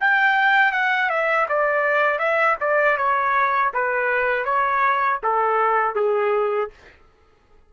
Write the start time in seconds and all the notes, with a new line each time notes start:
0.00 G5
0.72 F#5
1.09 E5
1.49 D5
2.19 E5
2.60 D5
2.97 C#5
3.74 B4
4.45 C#5
5.23 A4
5.95 G#4